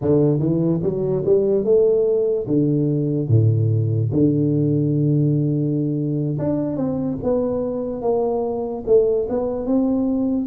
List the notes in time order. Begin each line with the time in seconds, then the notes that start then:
0.01 D3
0.39 E3
0.83 F#3
1.26 G3
1.64 A3
2.47 D3
3.28 A2
4.12 D3
6.38 D4
6.76 C4
7.23 B3
8.01 A#3
8.86 A3
9.29 B3
9.65 C4